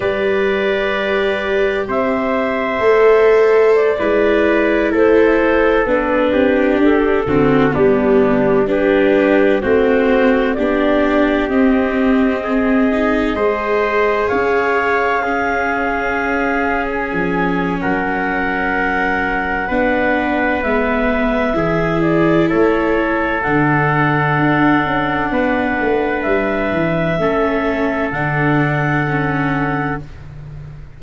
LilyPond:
<<
  \new Staff \with { instrumentName = "clarinet" } { \time 4/4 \tempo 4 = 64 d''2 e''2 | d''4~ d''16 c''4 b'4 a'8.~ | a'16 g'4 b'4 c''4 d''8.~ | d''16 dis''2. f''8.~ |
f''2 gis''4 fis''4~ | fis''2 e''4. d''8 | cis''4 fis''2. | e''2 fis''2 | }
  \new Staff \with { instrumentName = "trumpet" } { \time 4/4 b'2 c''2~ | c''16 b'4 a'4. g'4 fis'16~ | fis'16 d'4 g'4 fis'4 g'8.~ | g'4~ g'16 gis'4 c''4 cis''8.~ |
cis''16 gis'2~ gis'8. ais'4~ | ais'4 b'2 gis'4 | a'2. b'4~ | b'4 a'2. | }
  \new Staff \with { instrumentName = "viola" } { \time 4/4 g'2. a'4~ | a'16 e'2 d'4. c'16~ | c'16 b4 d'4 c'4 d'8.~ | d'16 c'4. dis'8 gis'4.~ gis'16~ |
gis'16 cis'2.~ cis'8.~ | cis'4 d'4 b4 e'4~ | e'4 d'2.~ | d'4 cis'4 d'4 cis'4 | }
  \new Staff \with { instrumentName = "tuba" } { \time 4/4 g2 c'4 a4~ | a16 gis4 a4 b8 c'8 d'8 d16~ | d16 g2 a4 b8.~ | b16 c'2 gis4 cis'8.~ |
cis'2~ cis'16 f8. fis4~ | fis4 b4 gis4 e4 | a4 d4 d'8 cis'8 b8 a8 | g8 e8 a4 d2 | }
>>